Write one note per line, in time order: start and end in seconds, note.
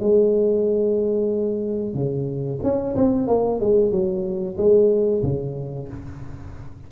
0.00 1.94 G#3
1.94 2.60 C#3
2.63 2.96 C#4
2.96 3.28 C4
3.28 3.60 A#3
3.60 3.91 G#3
3.91 4.57 F#3
4.57 5.23 G#3
5.23 5.88 C#3